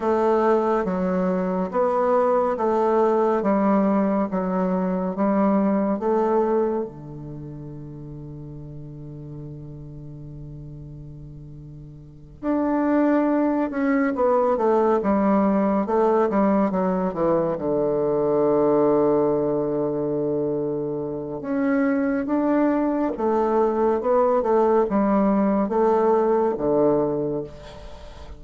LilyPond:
\new Staff \with { instrumentName = "bassoon" } { \time 4/4 \tempo 4 = 70 a4 fis4 b4 a4 | g4 fis4 g4 a4 | d1~ | d2~ d8 d'4. |
cis'8 b8 a8 g4 a8 g8 fis8 | e8 d2.~ d8~ | d4 cis'4 d'4 a4 | b8 a8 g4 a4 d4 | }